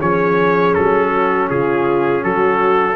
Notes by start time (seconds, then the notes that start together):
0.00 F3 C#4 G#4 C#5
0.75 F#3 A4
1.13 F#4
1.50 C#3 F4 G#4
2.23 F#3 F#4 A4